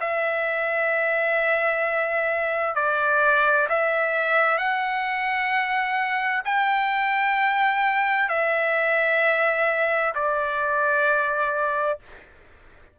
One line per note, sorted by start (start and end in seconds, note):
0.00 2.75 E5
2.75 3.67 D5
3.69 4.57 E5
4.57 6.42 F#5
6.44 8.29 G5
8.29 10.13 E5
10.15 11.99 D5